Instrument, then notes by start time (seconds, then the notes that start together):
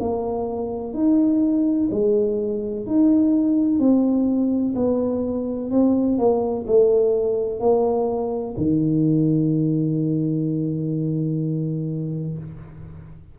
tuba
0.00 A#3
0.94 D#4
1.91 G#3
2.86 D#4
3.79 C4
4.75 B3
5.71 C4
6.18 A#3
6.67 A3
7.60 A#3
8.57 D#3